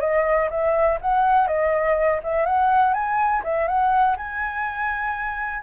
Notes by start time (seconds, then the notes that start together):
0.00 D#5
0.49 E5
1.01 F#5
1.47 D#5
2.23 E5
2.45 F#5
2.93 G#5
3.43 E5
3.67 F#5
4.16 G#5